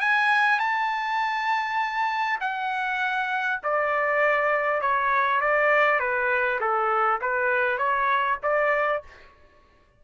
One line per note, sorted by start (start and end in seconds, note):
0.00 0.59 G#5
0.59 2.39 A5
2.40 3.60 F#5
3.63 4.81 D5
4.81 5.40 C#5
5.40 5.99 D5
5.99 6.59 B4
6.60 7.20 A4
7.21 7.78 B4
7.78 8.38 C#5
8.42 9.02 D5